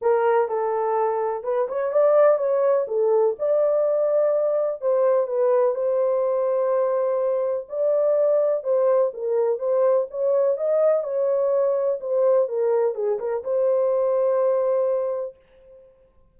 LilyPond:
\new Staff \with { instrumentName = "horn" } { \time 4/4 \tempo 4 = 125 ais'4 a'2 b'8 cis''8 | d''4 cis''4 a'4 d''4~ | d''2 c''4 b'4 | c''1 |
d''2 c''4 ais'4 | c''4 cis''4 dis''4 cis''4~ | cis''4 c''4 ais'4 gis'8 ais'8 | c''1 | }